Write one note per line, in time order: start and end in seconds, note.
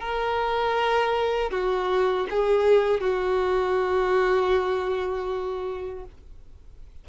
0.00 1.51 A#4
1.51 2.27 F#4
2.30 3.01 G#4
3.01 6.04 F#4